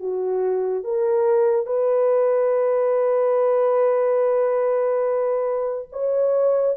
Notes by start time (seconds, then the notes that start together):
0.00 F#4
0.84 A#4
1.66 B4
5.92 C#5